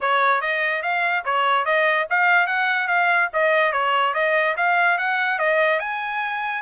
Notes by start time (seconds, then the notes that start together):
0.00 C#5
0.41 D#5
0.82 F5
1.24 C#5
1.65 D#5
2.10 F5
2.46 F#5
2.87 F5
3.33 D#5
3.72 C#5
4.14 D#5
4.56 F5
4.97 F#5
5.38 D#5
5.79 G#5